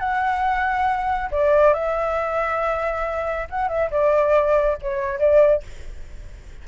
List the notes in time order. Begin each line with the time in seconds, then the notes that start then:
0.00 F#5
1.32 D5
1.74 E5
3.50 F#5
3.69 E5
3.91 D5
4.82 C#5
5.20 D5